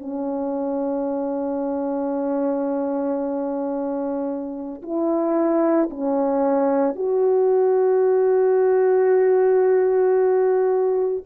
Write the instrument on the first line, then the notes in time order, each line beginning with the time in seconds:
horn
0.00 C#4
4.83 E4
5.91 C#4
6.96 F#4